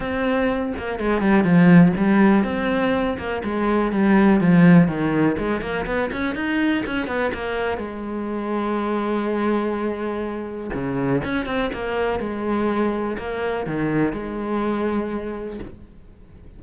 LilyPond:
\new Staff \with { instrumentName = "cello" } { \time 4/4 \tempo 4 = 123 c'4. ais8 gis8 g8 f4 | g4 c'4. ais8 gis4 | g4 f4 dis4 gis8 ais8 | b8 cis'8 dis'4 cis'8 b8 ais4 |
gis1~ | gis2 cis4 cis'8 c'8 | ais4 gis2 ais4 | dis4 gis2. | }